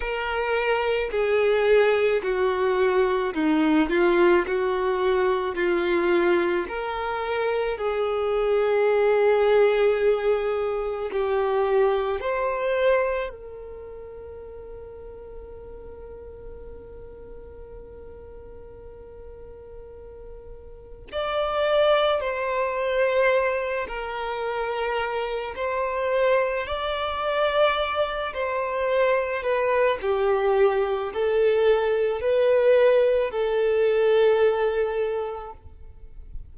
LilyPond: \new Staff \with { instrumentName = "violin" } { \time 4/4 \tempo 4 = 54 ais'4 gis'4 fis'4 dis'8 f'8 | fis'4 f'4 ais'4 gis'4~ | gis'2 g'4 c''4 | ais'1~ |
ais'2. d''4 | c''4. ais'4. c''4 | d''4. c''4 b'8 g'4 | a'4 b'4 a'2 | }